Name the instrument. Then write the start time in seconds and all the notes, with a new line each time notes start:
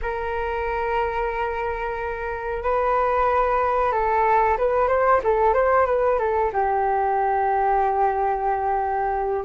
flute
0.02 A#4
2.63 B4
3.92 A4
4.57 B4
4.88 C5
5.23 A4
5.53 C5
5.86 B4
6.18 A4
6.52 G4